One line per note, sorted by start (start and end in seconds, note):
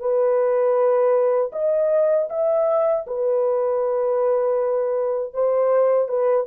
0.00 1.52 B4
1.53 2.29 D#5
2.30 3.06 E5
3.08 5.34 B4
5.34 6.09 C5
6.09 6.47 B4